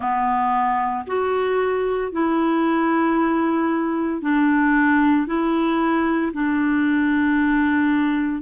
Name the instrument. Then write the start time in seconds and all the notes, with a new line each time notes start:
clarinet
0.00 B3
1.06 F#4
2.11 E4
4.21 D4
5.26 E4
6.33 D4